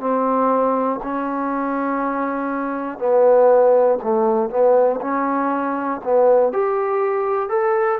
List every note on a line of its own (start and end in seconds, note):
0.00 1.00 C4
1.03 2.99 C#4
2.99 3.99 B3
4.02 4.50 A3
4.50 5.00 B3
5.01 6.01 C#4
6.04 6.53 B3
6.53 7.49 G4
7.49 7.99 A4